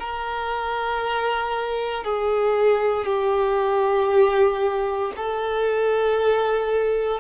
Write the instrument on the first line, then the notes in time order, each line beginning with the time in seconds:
violin
0.00 A#4
2.05 G#4
3.06 G4
5.17 A4